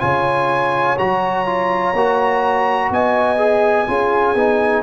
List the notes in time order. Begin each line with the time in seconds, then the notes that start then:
0.00 C#3 F4 C#5 G#5
0.98 F#3 F#4 A#5
1.46 F4
1.93 A#3 F#4
2.90 B3 D#5 G#5
3.38 G#4
3.87 C#4 F4 G#4
4.35 B3 D#4